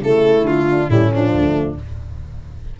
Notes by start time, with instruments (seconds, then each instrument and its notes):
0.00 tuba C#3, saxophone A3, horn E4, violin A4
0.41 tuba D3, violin F4
0.69 horn D4
0.87 tuba A2, saxophone G3, horn C#4, violin E4
1.11 saxophone F3, violin D4
1.33 tuba D2, horn A3